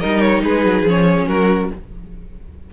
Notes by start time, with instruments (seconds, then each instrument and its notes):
0.00 cello G3, viola D#4, violin A#4 D#5
0.21 violin C#5
0.45 cello G#3, violin G#4 B4
0.65 cello F#3
0.83 cello F3, viola C#4
0.90 violin C#5
1.28 cello F#3, violin F#4 A#4